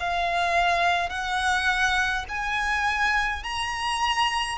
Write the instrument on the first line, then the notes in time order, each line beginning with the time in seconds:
violin
0.00 F5
1.10 F#5
2.29 G#5
3.44 A#5